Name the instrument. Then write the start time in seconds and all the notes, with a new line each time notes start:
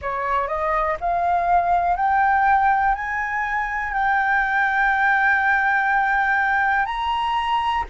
flute
0.01 C#5
0.47 D#5
1.00 F5
1.96 G5
2.95 G#5
3.93 G5
6.85 A#5